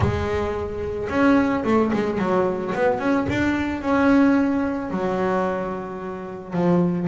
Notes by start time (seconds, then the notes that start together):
0.00 G#3
1.09 C#4
1.64 A3
1.93 G#3
2.18 F#3
2.74 B3
2.99 C#4
3.29 D4
3.81 C#4
4.90 F#3
6.53 F3